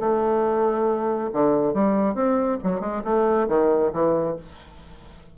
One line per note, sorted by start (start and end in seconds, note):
0.00 1.30 A3
1.33 1.74 D3
1.74 2.15 G3
2.15 2.58 C4
2.64 2.81 F#3
2.81 3.02 G#3
3.05 3.48 A3
3.49 3.92 D#3
3.93 4.37 E3